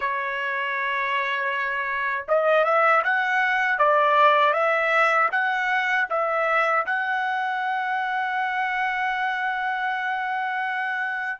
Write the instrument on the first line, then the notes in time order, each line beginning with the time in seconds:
trumpet
0.00 C#5
2.28 D#5
2.64 E5
3.04 F#5
3.78 D5
4.53 E5
5.31 F#5
6.09 E5
6.86 F#5